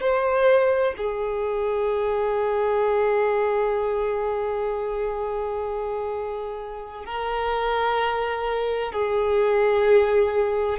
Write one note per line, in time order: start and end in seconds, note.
0.00 0.94 C5
0.97 7.05 G#4
7.05 8.92 A#4
8.92 10.78 G#4